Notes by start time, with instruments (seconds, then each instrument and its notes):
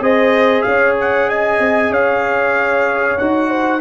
0.00 tuba C4, trombone G#4, horn C5, trumpet D#5
0.62 tuba C#4, trumpet F5
0.68 horn C#5
1.00 trumpet F#5
1.29 horn D#5, trumpet G#5
1.59 tuba C4
1.90 tuba C#4, horn C#5, trumpet F5
3.18 tuba D#4, trombone F#4, trumpet F#5
3.49 horn C5